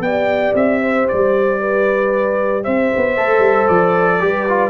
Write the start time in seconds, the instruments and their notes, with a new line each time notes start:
0.00 tuba B3, trombone G4, horn D5, trumpet G5
0.54 tuba C4, trumpet E5
0.81 horn C5
1.08 tuba G3, trumpet D5
1.60 horn B4
2.63 tuba C4, horn C5, trumpet E5
2.96 tuba B3
3.17 tuba A3, trombone A4
3.39 tuba G3
3.68 tuba F3, trumpet D5
4.20 tuba G3, trombone G4, horn B4
4.48 trombone F4